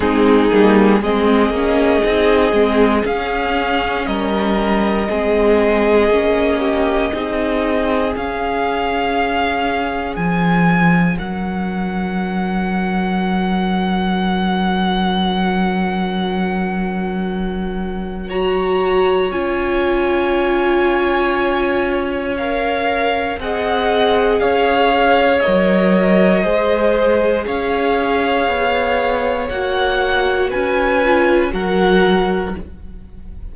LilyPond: <<
  \new Staff \with { instrumentName = "violin" } { \time 4/4 \tempo 4 = 59 gis'4 dis''2 f''4 | dis''1 | f''2 gis''4 fis''4~ | fis''1~ |
fis''2 ais''4 gis''4~ | gis''2 f''4 fis''4 | f''4 dis''2 f''4~ | f''4 fis''4 gis''4 fis''4 | }
  \new Staff \with { instrumentName = "violin" } { \time 4/4 dis'4 gis'2. | ais'4 gis'4. g'8 gis'4~ | gis'2. ais'4~ | ais'1~ |
ais'2 cis''2~ | cis''2. dis''4 | cis''2 c''4 cis''4~ | cis''2 b'4 ais'4 | }
  \new Staff \with { instrumentName = "viola" } { \time 4/4 c'8 ais8 c'8 cis'8 dis'8 c'8 cis'4~ | cis'4 c'4 cis'4 dis'4 | cis'1~ | cis'1~ |
cis'2 fis'4 f'4~ | f'2 ais'4 gis'4~ | gis'4 ais'4 gis'2~ | gis'4 fis'4. f'8 fis'4 | }
  \new Staff \with { instrumentName = "cello" } { \time 4/4 gis8 g8 gis8 ais8 c'8 gis8 cis'4 | g4 gis4 ais4 c'4 | cis'2 f4 fis4~ | fis1~ |
fis2. cis'4~ | cis'2. c'4 | cis'4 fis4 gis4 cis'4 | b4 ais4 cis'4 fis4 | }
>>